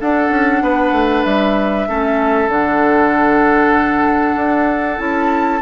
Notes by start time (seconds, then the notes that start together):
0.00 D4 A4 F#5
0.29 C#4
0.62 B3 B4
0.92 A3
1.24 G3 E5
1.88 A3 C#4 A4
2.48 D3 D4 F#5
4.35 D4
4.97 C#4 E4 A5